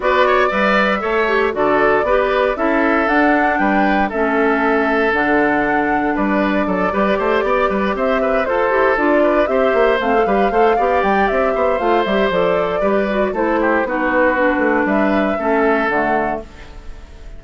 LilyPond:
<<
  \new Staff \with { instrumentName = "flute" } { \time 4/4 \tempo 4 = 117 d''4 e''2 d''4~ | d''4 e''4 fis''4 g''4 | e''2 fis''2 | d''2.~ d''8 e''8~ |
e''8 c''4 d''4 e''4 f''8~ | f''4. g''8 e''4 f''8 e''8 | d''2 c''4 b'4~ | b'4 e''2 fis''4 | }
  \new Staff \with { instrumentName = "oboe" } { \time 4/4 b'8 cis''8 d''4 cis''4 a'4 | b'4 a'2 b'4 | a'1 | b'4 a'8 b'8 c''8 d''8 b'8 c''8 |
b'8 a'4. b'8 c''4. | b'8 c''8 d''4. c''4.~ | c''4 b'4 a'8 g'8 fis'4~ | fis'4 b'4 a'2 | }
  \new Staff \with { instrumentName = "clarinet" } { \time 4/4 fis'4 b'4 a'8 g'8 fis'4 | g'4 e'4 d'2 | cis'2 d'2~ | d'4. g'2~ g'8~ |
g'8 a'8 g'8 f'4 g'4 c'16 a'16 | g'8 a'8 g'2 f'8 g'8 | a'4 g'8 fis'8 e'4 dis'4 | d'2 cis'4 a4 | }
  \new Staff \with { instrumentName = "bassoon" } { \time 4/4 b4 g4 a4 d4 | b4 cis'4 d'4 g4 | a2 d2 | g4 fis8 g8 a8 b8 g8 c'8~ |
c'8 f'8 e'8 d'4 c'8 ais8 a8 | g8 a8 b8 g8 c'8 b8 a8 g8 | f4 g4 a4 b4~ | b8 a8 g4 a4 d4 | }
>>